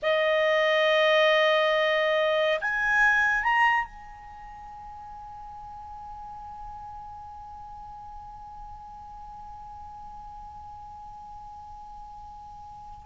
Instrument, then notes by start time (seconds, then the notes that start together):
clarinet
0.02 D#5
2.61 G#5
3.43 A#5
3.85 G#5